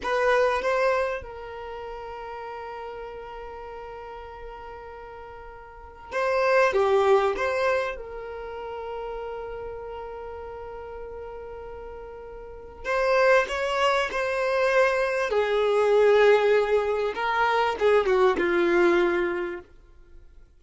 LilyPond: \new Staff \with { instrumentName = "violin" } { \time 4/4 \tempo 4 = 98 b'4 c''4 ais'2~ | ais'1~ | ais'2 c''4 g'4 | c''4 ais'2.~ |
ais'1~ | ais'4 c''4 cis''4 c''4~ | c''4 gis'2. | ais'4 gis'8 fis'8 f'2 | }